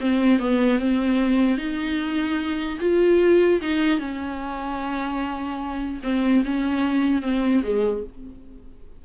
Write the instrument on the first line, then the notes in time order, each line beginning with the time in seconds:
viola
0.00 C4
0.39 B3
0.79 C4
1.57 D#4
2.80 F4
3.61 D#4
3.99 C#4
6.03 C4
6.44 C#4
7.22 C4
7.63 G#3